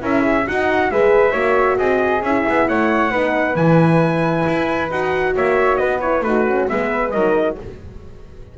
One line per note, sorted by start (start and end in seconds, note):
0.00 0.46 C#4
0.00 0.44 E4
0.00 0.21 A#4
0.00 0.47 E5
0.21 0.43 G#4
0.46 0.90 D#4
0.46 0.91 D#4
0.46 0.90 F#4
0.46 0.91 F#5
0.90 1.33 G#3
0.90 1.32 G#4
0.90 1.31 B4
0.90 1.78 E5
1.31 1.77 A#3
1.31 2.21 F#4
1.31 1.76 C#5
1.77 2.22 C4
1.77 2.66 G#4
1.77 2.22 D#5
2.22 2.44 C#4
2.22 3.12 E4
2.22 2.68 E5
2.48 2.69 B3
2.68 3.11 A3
2.68 3.10 C#5
2.68 3.55 F#5
3.10 3.55 B3
3.10 3.56 D#4
3.10 5.32 B4
3.55 4.44 E3
3.55 4.91 E4
3.55 4.89 G#5
4.46 4.90 E4
4.90 5.35 D#4
4.90 6.01 F#4
4.90 5.35 F#5
5.35 5.80 A#3
5.35 5.79 C#5
5.35 5.76 E5
5.76 6.20 B3
5.76 6.23 B4
5.76 5.98 D#5
6.01 6.24 E4
6.01 6.23 C#5
6.20 6.65 A3
6.20 6.46 D#4
6.20 6.69 F#4
6.20 6.67 B4
6.47 6.68 C#4
6.68 7.13 G#3
6.68 7.12 B3
6.68 7.12 B4
6.68 7.11 E5
7.11 7.58 F#3
7.11 7.57 D#4
7.11 7.57 A#4
7.11 7.55 D#5